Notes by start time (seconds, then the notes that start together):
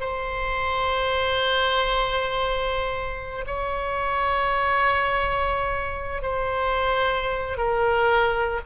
0.00 C5
3.47 C#5
6.22 C5
7.57 A#4